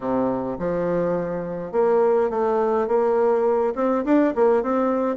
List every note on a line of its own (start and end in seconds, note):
0.00 0.57 C3
0.58 1.72 F3
1.72 2.29 A#3
2.29 2.87 A3
2.87 3.74 A#3
3.75 4.04 C4
4.05 4.33 D4
4.35 4.62 A#3
4.62 5.16 C4